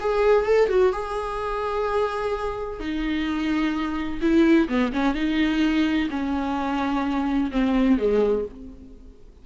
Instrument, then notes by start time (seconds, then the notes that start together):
viola
0.00 G#4
0.45 A4
0.69 F#4
0.92 G#4
2.79 D#4
4.21 E4
4.68 B3
4.92 C#4
5.15 D#4
6.10 C#4
7.51 C4
7.98 G#3